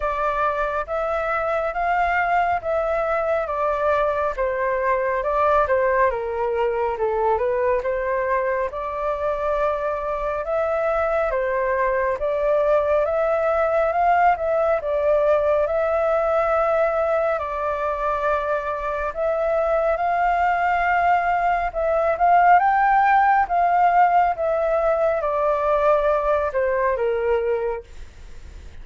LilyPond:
\new Staff \with { instrumentName = "flute" } { \time 4/4 \tempo 4 = 69 d''4 e''4 f''4 e''4 | d''4 c''4 d''8 c''8 ais'4 | a'8 b'8 c''4 d''2 | e''4 c''4 d''4 e''4 |
f''8 e''8 d''4 e''2 | d''2 e''4 f''4~ | f''4 e''8 f''8 g''4 f''4 | e''4 d''4. c''8 ais'4 | }